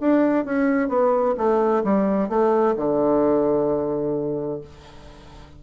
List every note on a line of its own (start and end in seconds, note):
0.00 0.45 D4
0.45 0.89 C#4
0.89 1.35 B3
1.37 1.83 A3
1.84 2.29 G3
2.29 2.75 A3
2.76 4.61 D3